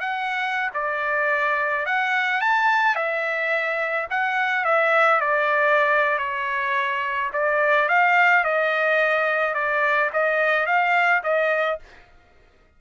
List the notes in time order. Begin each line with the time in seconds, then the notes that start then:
0.00 F#5
0.74 D5
1.86 F#5
2.41 A5
2.95 E5
4.10 F#5
4.65 E5
5.21 D5
6.18 C#5
7.33 D5
7.89 F5
8.44 D#5
9.54 D5
10.13 D#5
10.66 F5
11.23 D#5